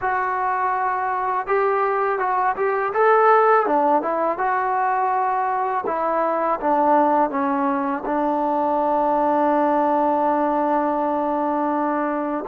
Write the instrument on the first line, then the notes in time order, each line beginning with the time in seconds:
trombone
0.01 F#4
1.46 G4
2.19 F#4
2.56 G4
2.93 A4
3.66 D4
4.02 E4
4.38 F#4
5.86 E4
6.60 D4
7.30 C#4
8.05 D4